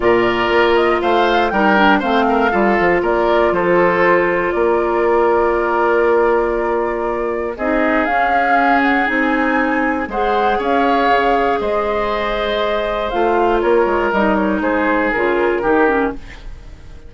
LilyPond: <<
  \new Staff \with { instrumentName = "flute" } { \time 4/4 \tempo 4 = 119 d''4. dis''8 f''4 g''4 | f''2 d''4 c''4~ | c''4 d''2.~ | d''2. dis''4 |
f''4. fis''8 gis''2 | fis''4 f''2 dis''4~ | dis''2 f''4 cis''4 | dis''8 cis''8 c''4 ais'2 | }
  \new Staff \with { instrumentName = "oboe" } { \time 4/4 ais'2 c''4 ais'4 | c''8 ais'8 a'4 ais'4 a'4~ | a'4 ais'2.~ | ais'2. gis'4~ |
gis'1 | c''4 cis''2 c''4~ | c''2. ais'4~ | ais'4 gis'2 g'4 | }
  \new Staff \with { instrumentName = "clarinet" } { \time 4/4 f'2. dis'8 d'8 | c'4 f'2.~ | f'1~ | f'2. dis'4 |
cis'2 dis'2 | gis'1~ | gis'2 f'2 | dis'2 f'4 dis'8 cis'8 | }
  \new Staff \with { instrumentName = "bassoon" } { \time 4/4 ais,4 ais4 a4 g4 | a4 g8 f8 ais4 f4~ | f4 ais2.~ | ais2. c'4 |
cis'2 c'2 | gis4 cis'4 cis4 gis4~ | gis2 a4 ais8 gis8 | g4 gis4 cis4 dis4 | }
>>